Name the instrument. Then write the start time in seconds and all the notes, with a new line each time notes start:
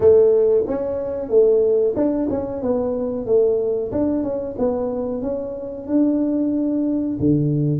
tuba
0.00 A3
0.67 C#4
1.29 A3
1.96 D4
2.30 C#4
2.62 B3
3.25 A3
3.91 D4
4.23 C#4
4.58 B3
5.22 C#4
5.87 D4
7.19 D3